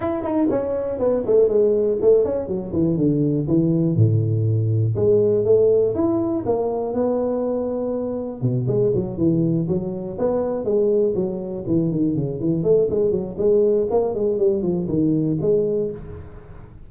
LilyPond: \new Staff \with { instrumentName = "tuba" } { \time 4/4 \tempo 4 = 121 e'8 dis'8 cis'4 b8 a8 gis4 | a8 cis'8 fis8 e8 d4 e4 | a,2 gis4 a4 | e'4 ais4 b2~ |
b4 b,8 gis8 fis8 e4 fis8~ | fis8 b4 gis4 fis4 e8 | dis8 cis8 e8 a8 gis8 fis8 gis4 | ais8 gis8 g8 f8 dis4 gis4 | }